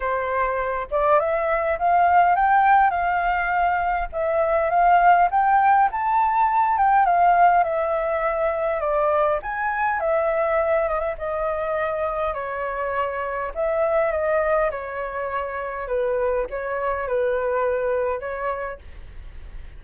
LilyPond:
\new Staff \with { instrumentName = "flute" } { \time 4/4 \tempo 4 = 102 c''4. d''8 e''4 f''4 | g''4 f''2 e''4 | f''4 g''4 a''4. g''8 | f''4 e''2 d''4 |
gis''4 e''4. dis''16 e''16 dis''4~ | dis''4 cis''2 e''4 | dis''4 cis''2 b'4 | cis''4 b'2 cis''4 | }